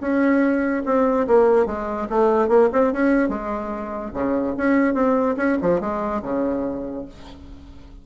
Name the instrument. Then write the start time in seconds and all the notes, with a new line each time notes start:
bassoon
0.00 C#4
0.85 C4
1.27 A#3
1.66 G#3
2.10 A3
2.48 A#3
2.72 C4
2.93 C#4
3.29 G#3
4.13 C#3
4.57 C#4
4.94 C4
5.37 C#4
5.62 F3
5.80 G#3
6.22 C#3